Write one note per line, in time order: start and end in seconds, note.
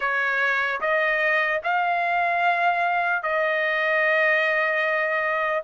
0.00 0.80 C#5
0.80 1.60 D#5
1.63 3.23 F5
3.23 5.63 D#5